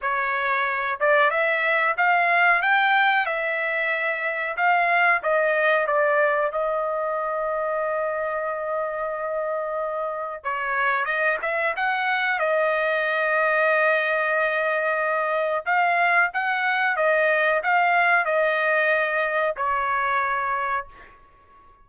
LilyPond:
\new Staff \with { instrumentName = "trumpet" } { \time 4/4 \tempo 4 = 92 cis''4. d''8 e''4 f''4 | g''4 e''2 f''4 | dis''4 d''4 dis''2~ | dis''1 |
cis''4 dis''8 e''8 fis''4 dis''4~ | dis''1 | f''4 fis''4 dis''4 f''4 | dis''2 cis''2 | }